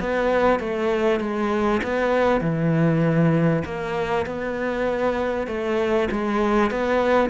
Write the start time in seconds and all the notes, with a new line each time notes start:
0.00 B3
0.60 A3
1.20 G#3
1.83 B3
2.41 E3
3.65 A#3
4.26 B3
5.47 A3
6.11 G#3
6.71 B3